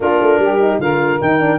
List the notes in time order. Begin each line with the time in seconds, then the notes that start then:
0.00 A#3 D4 F4 A#4
0.21 A3
0.38 G3 G4
0.60 D#4
0.78 D3 F4 A#4 F5
1.20 D#3 D#4 G5
1.39 D4